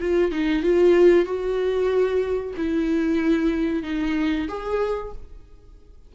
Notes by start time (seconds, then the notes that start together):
0.00 F4
0.31 D#4
0.63 F4
1.25 F#4
2.57 E4
3.83 D#4
4.48 G#4